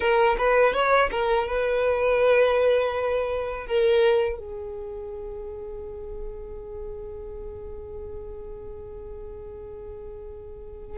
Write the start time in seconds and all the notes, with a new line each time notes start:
0.00 A#4
0.38 B4
0.73 C#5
1.11 A#4
1.47 B4
3.67 A#4
4.39 G#4